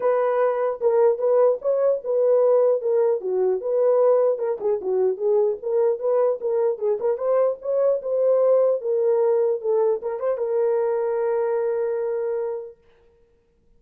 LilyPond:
\new Staff \with { instrumentName = "horn" } { \time 4/4 \tempo 4 = 150 b'2 ais'4 b'4 | cis''4 b'2 ais'4 | fis'4 b'2 ais'8 gis'8 | fis'4 gis'4 ais'4 b'4 |
ais'4 gis'8 ais'8 c''4 cis''4 | c''2 ais'2 | a'4 ais'8 c''8 ais'2~ | ais'1 | }